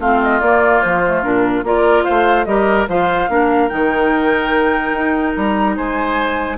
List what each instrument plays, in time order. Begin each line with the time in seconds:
0.00 bassoon A3, clarinet C4, oboe F4, flute F5
0.22 flute D#5
0.41 bassoon A#3, clarinet A#3, flute D5
0.82 bassoon F3, flute C5
1.06 clarinet A3
1.23 bassoon A#2, clarinet D4, flute A#4
1.63 bassoon A#3, clarinet F4, oboe A#4, flute D5
2.04 bassoon A3, oboe C5, flute F5
2.45 bassoon G3, clarinet G4, oboe A#4, flute D#5
2.88 bassoon F3, clarinet F4, oboe C5, flute F5
3.29 bassoon A#3, clarinet D4, oboe A#4
3.69 bassoon D#3, clarinet D#4, flute G5
4.93 bassoon D#4
5.35 bassoon G3, flute A#5
5.77 bassoon G#3, oboe C5, flute G#5